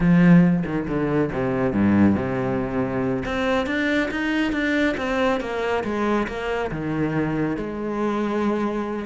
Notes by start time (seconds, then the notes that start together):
0.00 F3
0.65 D#3
0.88 D3
1.32 C3
1.72 G2
2.15 C3
3.25 C4
3.66 D4
4.10 D#4
4.52 D4
4.97 C4
5.40 A#3
5.84 G#3
6.27 A#3
6.71 D#3
7.56 G#3